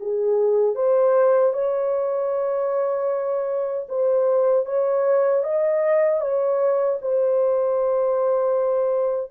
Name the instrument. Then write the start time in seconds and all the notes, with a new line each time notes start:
horn
0.00 G#4
0.75 C5
1.53 C#5
3.89 C5
4.66 C#5
5.43 D#5
6.21 C#5
7.02 C5